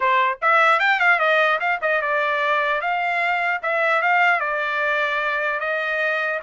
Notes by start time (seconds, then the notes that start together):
0.00 C5
0.41 E5
0.79 G5
0.99 F5
1.19 D#5
1.60 F5
1.81 D#5
2.01 D5
2.81 F5
3.62 E5
4.01 F5
4.40 D5
5.60 D#5